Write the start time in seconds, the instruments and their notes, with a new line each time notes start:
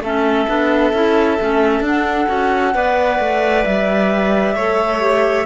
0.00 cello A3, clarinet C#4, violin A4, flute E5
0.48 cello B3, clarinet D4
0.93 cello C#4, clarinet E4
1.40 cello A3, clarinet C#4
1.80 cello D4, clarinet D4, flute F#5
2.27 cello C#4, clarinet F#4
2.74 cello B3, clarinet B4, violin D5
3.20 cello A3
3.65 cello G3, flute E5
4.56 cello A3, clarinet A4, violin C#5
5.01 clarinet G4